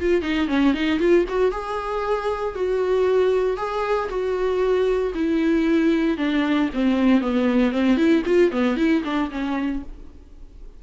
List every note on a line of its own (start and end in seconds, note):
0.00 0.22 F4
0.22 0.48 D#4
0.48 0.74 C#4
0.74 0.99 D#4
0.99 1.25 F4
1.29 1.52 F#4
1.52 2.55 G#4
2.55 3.57 F#4
3.57 4.09 G#4
4.10 5.13 F#4
5.15 6.18 E4
6.18 6.70 D4
6.74 7.21 C4
7.21 7.72 B3
7.72 7.97 C4
7.97 8.23 E4
8.26 8.52 F4
8.52 8.77 B3
8.77 9.03 E4
9.05 9.31 D4
9.31 9.83 C#4